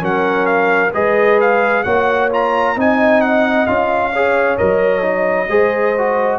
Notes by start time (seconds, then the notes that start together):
0.00 F#3 C#4 A#4 F#5
0.46 F5
0.93 G#3 G#4 B4 D#5
1.41 F5
1.84 A#3 F#4 C#5 F#5
2.32 F4 A#5
2.76 C4 D#4 D#5 G#5
3.21 F#5
3.66 C#4 F4 F5
4.12 G#4 C#5
4.58 F#3 A#4 D#5
5.02 D#4
5.49 G#3 G#4 C5
5.98 F#4